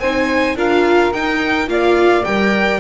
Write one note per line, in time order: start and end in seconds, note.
0.00 0.56 C4
0.00 0.57 D#4
0.00 0.57 C5
0.00 0.56 G#5
0.56 1.12 D4
0.56 1.13 F4
0.56 1.69 A#4
0.56 1.13 F5
1.12 1.68 D#4
1.12 1.69 G5
1.68 2.24 A#3
1.68 2.24 F4
1.68 2.80 D5
1.68 2.25 F5
2.25 2.80 G3
2.25 2.80 A#4
2.25 2.80 G5